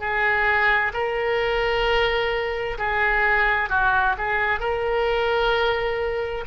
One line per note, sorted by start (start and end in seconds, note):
0.00 0.92 G#4
0.94 2.78 A#4
2.78 3.70 G#4
3.70 4.16 F#4
4.18 4.60 G#4
4.60 6.45 A#4